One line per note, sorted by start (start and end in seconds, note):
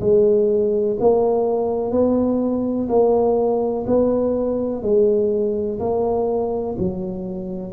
0.00 0.97 G#3
1.00 1.91 A#3
1.91 2.88 B3
2.89 3.85 A#3
3.87 4.82 B3
4.82 5.79 G#3
5.79 6.76 A#3
6.78 7.72 F#3